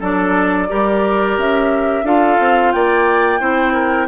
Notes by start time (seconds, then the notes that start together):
0.00 F#3 D4 A4 D5
0.69 G3 G4 A#4
1.38 C#4 E5
2.03 D4 F4 A4 F5
2.40 C4
2.72 A#3 D5 G5
3.40 C4 E4 C5
3.73 A#4